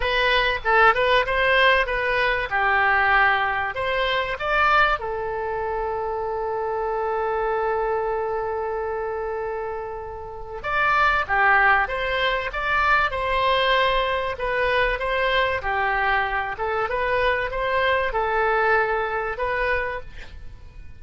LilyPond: \new Staff \with { instrumentName = "oboe" } { \time 4/4 \tempo 4 = 96 b'4 a'8 b'8 c''4 b'4 | g'2 c''4 d''4 | a'1~ | a'1~ |
a'4 d''4 g'4 c''4 | d''4 c''2 b'4 | c''4 g'4. a'8 b'4 | c''4 a'2 b'4 | }